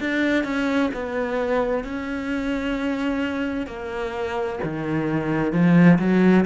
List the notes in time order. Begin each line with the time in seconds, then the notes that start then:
0.00 D4
0.44 C#4
0.94 B3
1.84 C#4
3.67 A#3
4.64 D#3
5.53 F3
5.99 F#3